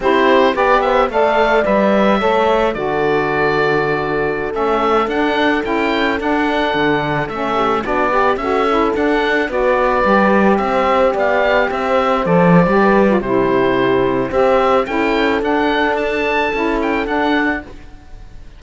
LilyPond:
<<
  \new Staff \with { instrumentName = "oboe" } { \time 4/4 \tempo 4 = 109 c''4 d''8 e''8 f''4 e''4~ | e''4 d''2.~ | d''16 e''4 fis''4 g''4 fis''8.~ | fis''4~ fis''16 e''4 d''4 e''8.~ |
e''16 fis''4 d''2 e''8.~ | e''16 f''4 e''4 d''4.~ d''16 | c''2 e''4 g''4 | fis''4 a''4. g''8 fis''4 | }
  \new Staff \with { instrumentName = "horn" } { \time 4/4 g'4 b'8 c''8 d''2 | cis''4 a'2.~ | a'1~ | a'4.~ a'16 g'8 fis'8 b'8 a'8.~ |
a'4~ a'16 b'2 c''8.~ | c''16 d''4 c''2 b'8. | g'2 c''4 a'4~ | a'1 | }
  \new Staff \with { instrumentName = "saxophone" } { \time 4/4 e'4 g'4 a'4 b'4 | a'4 fis'2.~ | fis'16 cis'4 d'4 e'4 d'8.~ | d'4~ d'16 cis'4 d'8 g'8 fis'8 e'16~ |
e'16 d'4 fis'4 g'4.~ g'16~ | g'2~ g'16 a'8. g'8. f'16 | e'2 g'4 e'4 | d'2 e'4 d'4 | }
  \new Staff \with { instrumentName = "cello" } { \time 4/4 c'4 b4 a4 g4 | a4 d2.~ | d16 a4 d'4 cis'4 d'8.~ | d'16 d4 a4 b4 cis'8.~ |
cis'16 d'4 b4 g4 c'8.~ | c'16 b4 c'4 f8. g4 | c2 c'4 cis'4 | d'2 cis'4 d'4 | }
>>